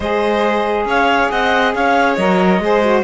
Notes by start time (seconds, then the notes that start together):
0.00 G#3 G#4 C5 D#5
0.85 C#4 C#5 F5
1.30 C4 D#5 F#5
1.74 C#4 C#5 F5
2.15 F#3 A#4 D#5
2.59 G#3 G#4 C5
2.82 F#4